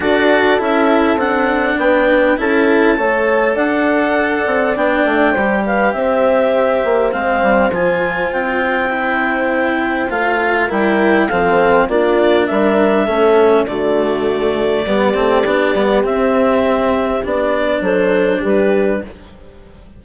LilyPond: <<
  \new Staff \with { instrumentName = "clarinet" } { \time 4/4 \tempo 4 = 101 d''4 e''4 fis''4 g''4 | a''2 fis''2 | g''4. f''8 e''2 | f''4 gis''4 g''2~ |
g''4 f''4 g''4 f''4 | d''4 e''2 d''4~ | d''2. e''4~ | e''4 d''4 c''4 b'4 | }
  \new Staff \with { instrumentName = "horn" } { \time 4/4 a'2. b'4 | a'4 cis''4 d''2~ | d''4 c''8 b'8 c''2~ | c''1~ |
c''2 ais'4 a'4 | f'4 ais'4 a'4 fis'4~ | fis'4 g'2.~ | g'2 a'4 g'4 | }
  \new Staff \with { instrumentName = "cello" } { \time 4/4 fis'4 e'4 d'2 | e'4 a'2. | d'4 g'2. | c'4 f'2 e'4~ |
e'4 f'4 e'4 c'4 | d'2 cis'4 a4~ | a4 b8 c'8 d'8 b8 c'4~ | c'4 d'2. | }
  \new Staff \with { instrumentName = "bassoon" } { \time 4/4 d'4 cis'4 c'4 b4 | cis'4 a4 d'4. c'8 | b8 a8 g4 c'4. ais8 | gis8 g8 f4 c'2~ |
c'4 a4 g4 f4 | ais4 g4 a4 d4~ | d4 g8 a8 b8 g8 c'4~ | c'4 b4 fis4 g4 | }
>>